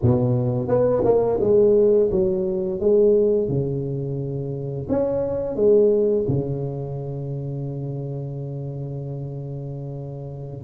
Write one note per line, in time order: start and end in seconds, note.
0.02 0.68 B2
0.68 1.02 B3
1.04 1.39 A#3
1.40 2.10 G#3
2.11 2.79 F#3
2.79 3.48 G#3
3.48 4.87 C#3
4.89 5.55 C#4
5.55 6.25 G#3
6.28 10.63 C#3